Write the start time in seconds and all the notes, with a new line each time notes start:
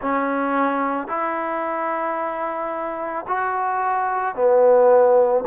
0.01 C#4
1.07 E4
3.27 F#4
4.35 B3